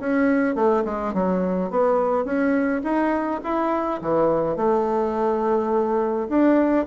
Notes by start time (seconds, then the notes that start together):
0.00 C#4
0.56 A3
0.85 G#3
1.14 F#3
1.71 B3
2.25 C#4
2.84 D#4
3.44 E4
4.02 E3
4.57 A3
6.29 D4